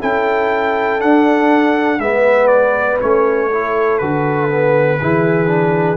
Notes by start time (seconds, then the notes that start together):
0.00 C#4 E4 A4 G5
1.00 D4 F#5
1.99 G#3 B3 B4 E5
2.48 D5
3.01 A3 C#4 C#5
3.51 E4 A4
3.98 D3 F#4 B4
4.49 B3
5.01 E3 E4 G#4
5.47 D4